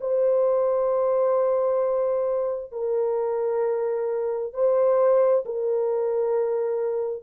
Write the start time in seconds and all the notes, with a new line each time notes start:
0.00 C5
2.71 A#4
4.53 C5
5.45 A#4